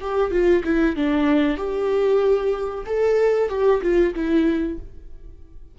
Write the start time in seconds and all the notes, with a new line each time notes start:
0.00 G4
0.31 F4
0.64 E4
0.96 D4
1.57 G4
2.86 A4
3.49 G4
3.82 F4
4.14 E4